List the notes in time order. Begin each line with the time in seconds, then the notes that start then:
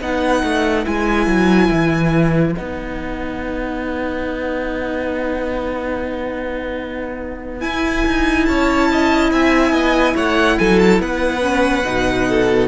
0.00 B3 D#4 B4 F#5
0.43 A3
0.85 G#3 E4 G#5
1.27 F#3
1.70 E3
2.53 B3 D#4 F#5
7.59 E4 G#5
8.06 D#4
8.45 C#4 C#5 A5
8.92 D#5
9.31 C4 E5 G#5
9.71 B3 D#5
10.15 A3 C#5 F#5
10.58 F#3 A4 G#5
10.79 A5
10.99 B3 B4 F#5
11.40 C#4
11.85 B2 D#4
12.28 A4